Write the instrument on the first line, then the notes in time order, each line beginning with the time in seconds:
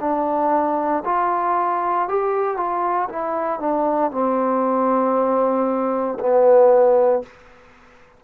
trombone
0.00 D4
1.05 F4
2.08 G4
2.57 F4
3.09 E4
3.60 D4
4.11 C4
6.19 B3